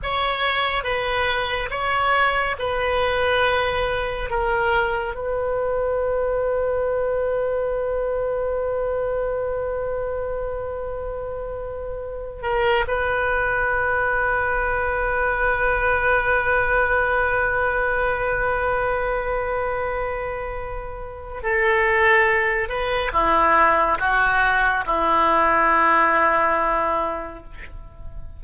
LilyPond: \new Staff \with { instrumentName = "oboe" } { \time 4/4 \tempo 4 = 70 cis''4 b'4 cis''4 b'4~ | b'4 ais'4 b'2~ | b'1~ | b'2~ b'8 ais'8 b'4~ |
b'1~ | b'1~ | b'4 a'4. b'8 e'4 | fis'4 e'2. | }